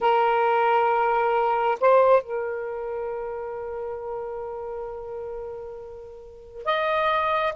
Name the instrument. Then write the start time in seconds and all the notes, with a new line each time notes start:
saxophone
0.00 A#4
1.80 C5
2.23 A#4
6.65 D#5